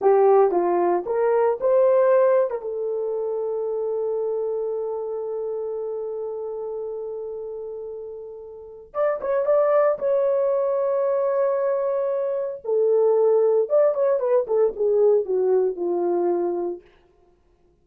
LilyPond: \new Staff \with { instrumentName = "horn" } { \time 4/4 \tempo 4 = 114 g'4 f'4 ais'4 c''4~ | c''8. ais'16 a'2.~ | a'1~ | a'1~ |
a'4 d''8 cis''8 d''4 cis''4~ | cis''1 | a'2 d''8 cis''8 b'8 a'8 | gis'4 fis'4 f'2 | }